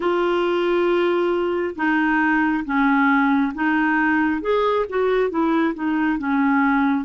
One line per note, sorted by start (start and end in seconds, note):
0.00 1.74 F4
1.75 2.64 D#4
2.64 3.53 C#4
3.54 4.41 D#4
4.41 4.85 G#4
4.89 5.29 F#4
5.29 5.74 E4
5.74 6.18 D#4
6.18 7.04 C#4